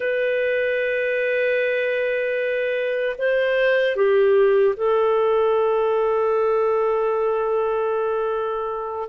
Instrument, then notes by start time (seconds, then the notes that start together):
clarinet
0.00 B4
3.18 C5
3.95 G4
4.76 A4